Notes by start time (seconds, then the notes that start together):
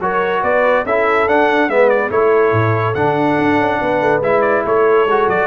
0.00 F#3 F#4 A#4 C#5
0.42 B3 B4 D5
0.85 C#4 E4 A4 E5
1.26 D4 F#5
1.68 G#3 B3 B4 E5
1.89 D5
2.10 A3 E4 A4 C#5
2.52 A2
2.94 D3 D4 F#5
3.38 D4
3.59 C#4
3.81 B3 B4
4.01 A3
4.21 G#3 E4 E5
4.41 D5
4.65 A3 A4 C#5
5.06 G#3 F#4
5.27 F#3 D5